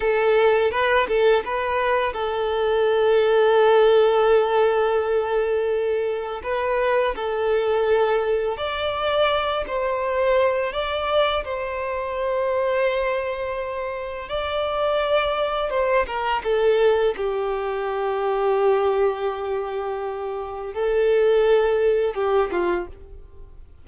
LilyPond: \new Staff \with { instrumentName = "violin" } { \time 4/4 \tempo 4 = 84 a'4 b'8 a'8 b'4 a'4~ | a'1~ | a'4 b'4 a'2 | d''4. c''4. d''4 |
c''1 | d''2 c''8 ais'8 a'4 | g'1~ | g'4 a'2 g'8 f'8 | }